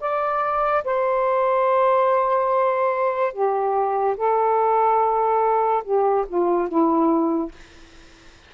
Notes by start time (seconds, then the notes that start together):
0.00 D5
0.84 C5
3.33 G4
4.16 A4
5.84 G4
6.28 F4
6.68 E4